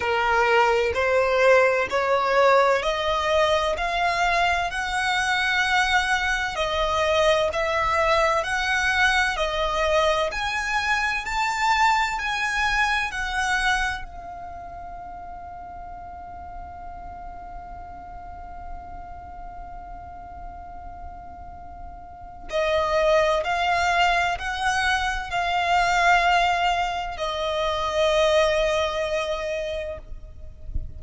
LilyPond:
\new Staff \with { instrumentName = "violin" } { \time 4/4 \tempo 4 = 64 ais'4 c''4 cis''4 dis''4 | f''4 fis''2 dis''4 | e''4 fis''4 dis''4 gis''4 | a''4 gis''4 fis''4 f''4~ |
f''1~ | f''1 | dis''4 f''4 fis''4 f''4~ | f''4 dis''2. | }